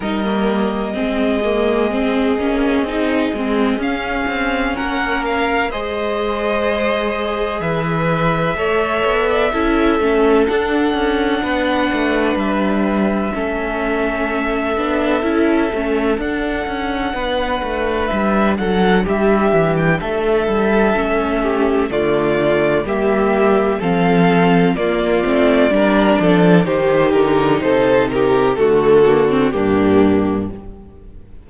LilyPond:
<<
  \new Staff \with { instrumentName = "violin" } { \time 4/4 \tempo 4 = 63 dis''1 | f''4 fis''8 f''8 dis''2 | e''2. fis''4~ | fis''4 e''2.~ |
e''4 fis''2 e''8 fis''8 | e''8. g''16 e''2 d''4 | e''4 f''4 d''2 | c''8 ais'8 c''8 ais'8 a'4 g'4 | }
  \new Staff \with { instrumentName = "violin" } { \time 4/4 ais'4 gis'2.~ | gis'4 ais'4 c''2 | b'4 cis''8. d''16 a'2 | b'2 a'2~ |
a'2 b'4. a'8 | g'4 a'4. g'8 f'4 | g'4 a'4 f'4 ais'8 a'8 | g'4 a'8 g'8 fis'4 d'4 | }
  \new Staff \with { instrumentName = "viola" } { \time 4/4 dis'16 ais8. c'8 ais8 c'8 cis'8 dis'8 c'8 | cis'2 gis'2~ | gis'4 a'4 e'8 cis'8 d'4~ | d'2 cis'4. d'8 |
e'8 cis'8 d'2.~ | d'2 cis'4 a4 | ais4 c'4 ais8 c'8 d'4 | dis'2 a8 ais16 c'16 ais4 | }
  \new Staff \with { instrumentName = "cello" } { \time 4/4 g4 gis4. ais8 c'8 gis8 | cis'8 c'8 ais4 gis2 | e4 a8 b8 cis'8 a8 d'8 cis'8 | b8 a8 g4 a4. b8 |
cis'8 a8 d'8 cis'8 b8 a8 g8 fis8 | g8 e8 a8 g8 a4 d4 | g4 f4 ais8 a8 g8 f8 | dis8 d8 c4 d4 g,4 | }
>>